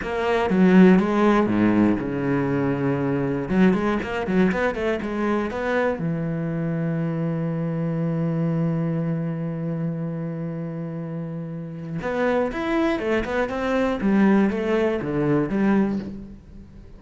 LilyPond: \new Staff \with { instrumentName = "cello" } { \time 4/4 \tempo 4 = 120 ais4 fis4 gis4 gis,4 | cis2. fis8 gis8 | ais8 fis8 b8 a8 gis4 b4 | e1~ |
e1~ | e1 | b4 e'4 a8 b8 c'4 | g4 a4 d4 g4 | }